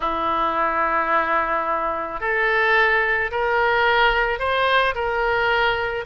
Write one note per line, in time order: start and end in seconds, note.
0.00 2.20 E4
2.20 3.30 A4
3.31 4.39 A#4
4.39 4.94 C5
4.94 6.05 A#4